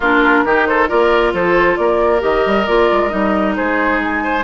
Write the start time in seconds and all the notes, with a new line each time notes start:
0.00 A#3 D4 F4 A#4
0.45 D#3 D#4 G4
0.66 A4 C5
0.87 A#3 F4 A#4 D5
1.33 F3 A4 C5
1.76 A#3 A#4 D5
2.20 D#3 G4 D#5
2.46 G3
2.66 A#3 F4 D5
2.91 G#3
3.08 G3 D#4 D#5
3.56 G#3 G#4 C5
4.01 G#5
4.23 C5